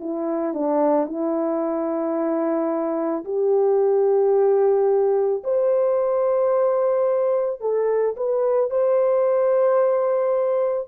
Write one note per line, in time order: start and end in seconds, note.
0.00 0.54 E4
0.54 1.06 D4
1.06 3.24 E4
3.25 5.43 G4
5.43 7.61 C5
7.61 8.15 A4
8.17 8.70 B4
8.70 10.88 C5